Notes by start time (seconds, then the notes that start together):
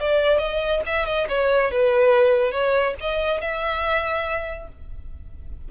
0.00 D5
0.38 D#5
0.86 E5
1.06 D#5
1.29 C#5
1.71 B4
2.52 C#5
3.00 D#5
3.41 E5